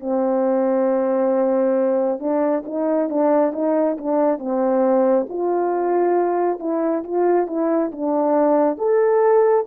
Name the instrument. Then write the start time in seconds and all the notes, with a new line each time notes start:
horn
0.00 C4
2.19 D4
2.66 D#4
3.10 D4
3.53 D#4
3.98 D4
4.39 C4
5.29 F4
6.59 E4
7.04 F4
7.47 E4
7.92 D4
8.78 A4